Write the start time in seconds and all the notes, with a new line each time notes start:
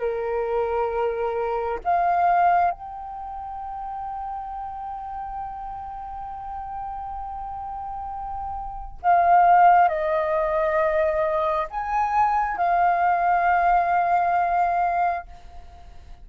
0.00 A#4
1.85 F5
2.71 G5
9.03 F5
9.89 D#5
11.71 G#5
12.58 F5